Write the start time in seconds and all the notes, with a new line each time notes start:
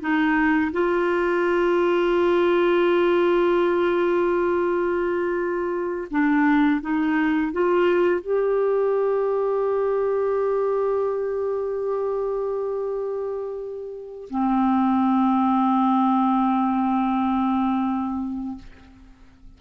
0.00 D#4
0.72 F4
6.11 D4
6.81 D#4
7.52 F4
8.21 G4
14.30 C4